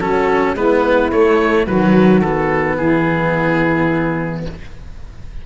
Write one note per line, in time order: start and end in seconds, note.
0.00 0.55 F#3
0.00 0.57 C#4
0.00 0.56 F#4
0.00 0.56 A4
0.55 1.11 G#3
0.55 1.12 B3
0.55 1.66 E4
0.55 1.12 B4
1.12 1.67 A3
1.12 1.67 C#5
1.66 2.78 D#3
1.66 2.23 F#3
1.66 2.77 F#4
1.66 2.21 B4
2.21 4.47 B3
2.21 2.77 A4
2.78 4.45 E3
2.78 4.46 E4
2.78 4.44 G#4